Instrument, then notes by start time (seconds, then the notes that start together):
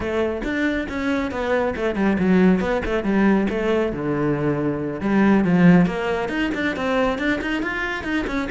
cello
0.00 A3
0.43 D4
0.88 C#4
1.31 B3
1.75 A3
1.95 G3
2.18 F#3
2.60 B3
2.85 A3
3.03 G3
3.49 A3
3.92 D3
5.01 G3
5.44 F3
5.85 A#3
6.28 D#4
6.54 D4
6.75 C4
7.18 D4
7.41 D#4
7.62 F4
8.03 D#4
8.26 C#4